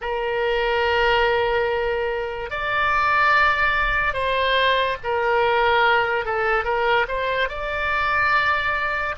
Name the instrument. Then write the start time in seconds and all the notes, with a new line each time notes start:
oboe
0.01 A#4
2.50 D5
4.13 C5
5.03 A#4
6.25 A4
6.64 A#4
7.08 C5
7.48 D5